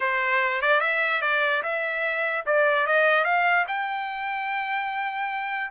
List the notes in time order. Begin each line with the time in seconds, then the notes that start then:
0.00 C5
0.61 D5
0.80 E5
1.21 D5
1.63 E5
2.46 D5
2.86 D#5
3.24 F5
3.67 G5